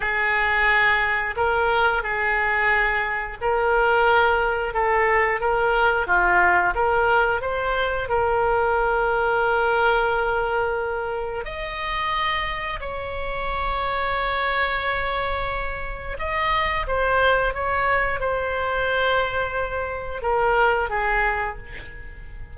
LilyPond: \new Staff \with { instrumentName = "oboe" } { \time 4/4 \tempo 4 = 89 gis'2 ais'4 gis'4~ | gis'4 ais'2 a'4 | ais'4 f'4 ais'4 c''4 | ais'1~ |
ais'4 dis''2 cis''4~ | cis''1 | dis''4 c''4 cis''4 c''4~ | c''2 ais'4 gis'4 | }